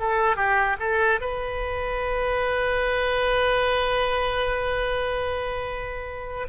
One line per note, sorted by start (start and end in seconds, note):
0.00 0.36 A4
0.36 0.77 G4
0.80 1.20 A4
1.21 6.48 B4